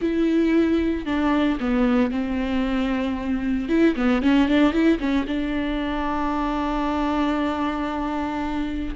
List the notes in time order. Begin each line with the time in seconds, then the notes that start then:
0.01 E4
1.05 D4
1.59 B3
2.11 C4
3.68 E4
3.95 B3
4.22 C#4
4.48 D4
4.72 E4
4.99 C#4
5.27 D4